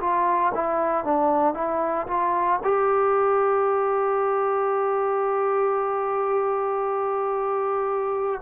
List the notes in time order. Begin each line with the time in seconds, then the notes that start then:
0.00 F4
0.55 E4
1.05 D4
1.54 E4
2.08 F4
2.64 G4